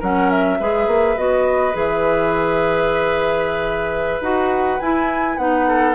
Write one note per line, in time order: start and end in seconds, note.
0.00 0.60 F#3
0.00 0.60 C#4
0.00 0.58 A#4
0.00 0.31 F#5
0.31 1.18 E5
0.60 0.87 G#3
0.60 1.18 G#4
0.60 5.68 B4
0.87 1.17 A#3
1.17 1.75 B3
1.17 1.73 F#4
1.17 1.76 D#5
1.73 4.21 E3
1.73 4.21 G#4
1.73 4.23 E5
4.21 4.79 D#4
4.21 4.81 F#4
4.21 4.80 F#5
4.80 5.39 E4
4.80 5.38 E4
4.80 5.38 G#5
5.38 5.95 B3
5.38 5.95 D#4
5.38 5.95 F#5
5.68 5.95 A4